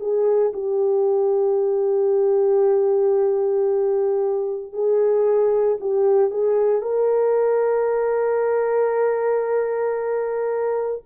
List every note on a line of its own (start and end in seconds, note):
0.00 0.53 G#4
0.54 4.73 G4
4.73 5.78 G#4
5.80 6.31 G4
6.31 6.82 G#4
6.82 11.03 A#4